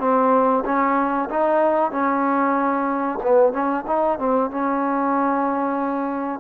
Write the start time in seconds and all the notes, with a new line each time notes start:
0.00 C4
0.65 C#4
1.30 D#4
1.92 C#4
3.23 B3
3.53 C#4
3.87 D#4
4.19 C4
4.51 C#4